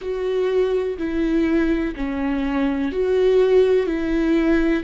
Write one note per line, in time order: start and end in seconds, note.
0.00 0.97 F#4
0.98 1.94 E4
1.96 2.92 C#4
2.92 3.86 F#4
3.86 4.83 E4